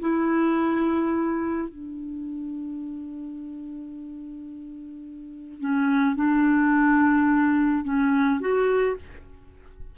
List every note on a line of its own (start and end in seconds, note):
0.00 1.68 E4
1.68 5.60 D4
5.60 6.16 C#4
6.16 7.84 D4
7.84 8.40 C#4
8.40 8.96 F#4